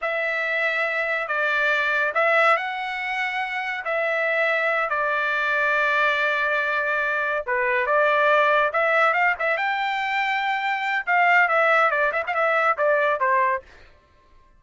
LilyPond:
\new Staff \with { instrumentName = "trumpet" } { \time 4/4 \tempo 4 = 141 e''2. d''4~ | d''4 e''4 fis''2~ | fis''4 e''2~ e''8 d''8~ | d''1~ |
d''4. b'4 d''4.~ | d''8 e''4 f''8 e''8 g''4.~ | g''2 f''4 e''4 | d''8 e''16 f''16 e''4 d''4 c''4 | }